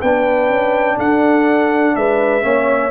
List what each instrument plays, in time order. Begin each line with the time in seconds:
0.00 tuba B3, trombone D4, horn B4, trumpet G5
0.49 tuba C#4
0.97 tuba D4, horn A4, trumpet F#5
1.96 tuba G#3, horn B4, trumpet E5
2.42 tuba A#3, trombone C#4, horn C#5